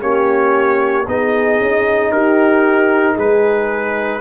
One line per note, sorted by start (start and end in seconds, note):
0.00 1.07 A#3
0.00 1.05 C#4
0.00 1.07 G4
0.00 1.07 C#5
1.07 1.60 B3
1.07 4.21 D#4
1.07 2.13 G#4
1.07 2.12 D#5
1.60 2.11 C#4
2.11 3.17 D#4
2.11 3.13 G4
2.11 3.17 A#4
3.13 4.21 G#3
3.13 4.18 G#4
3.13 4.21 B4